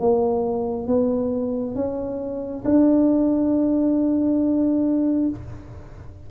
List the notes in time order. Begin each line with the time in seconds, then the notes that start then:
0.00 A#3
0.87 B3
1.76 C#4
2.65 D4